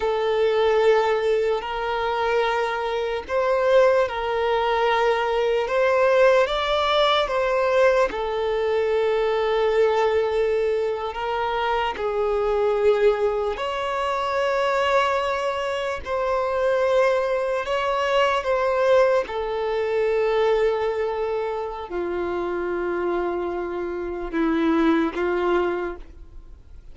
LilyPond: \new Staff \with { instrumentName = "violin" } { \time 4/4 \tempo 4 = 74 a'2 ais'2 | c''4 ais'2 c''4 | d''4 c''4 a'2~ | a'4.~ a'16 ais'4 gis'4~ gis'16~ |
gis'8. cis''2. c''16~ | c''4.~ c''16 cis''4 c''4 a'16~ | a'2. f'4~ | f'2 e'4 f'4 | }